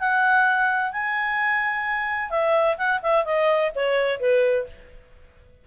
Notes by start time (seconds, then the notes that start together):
0.00 F#5
0.93 G#5
2.30 E5
2.78 F#5
3.03 E5
3.25 D#5
3.75 C#5
4.20 B4